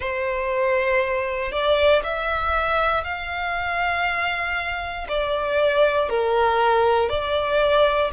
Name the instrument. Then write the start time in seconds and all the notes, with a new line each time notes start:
violin
0.00 C5
1.51 D5
2.03 E5
3.04 F5
5.08 D5
6.09 A#4
7.09 D5